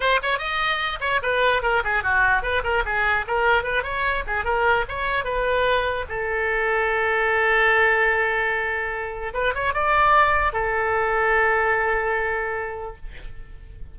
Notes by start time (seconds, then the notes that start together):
0.00 C5
0.22 C#5
0.38 D#5
1.00 C#5
1.22 B4
1.62 A#4
1.84 G#4
2.03 F#4
2.42 B4
2.63 A#4
2.85 G#4
3.27 A#4
3.63 B4
3.83 C#5
4.26 G#4
4.44 A#4
4.88 C#5
5.24 B4
6.08 A4
9.33 B4
9.54 C#5
9.73 D5
10.52 A4